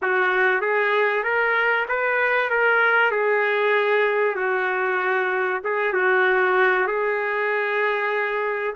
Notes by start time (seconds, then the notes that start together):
0.02 F#4
0.61 G#4
1.23 A#4
1.88 B4
2.49 A#4
3.11 G#4
4.35 F#4
5.63 G#4
5.93 F#4
6.87 G#4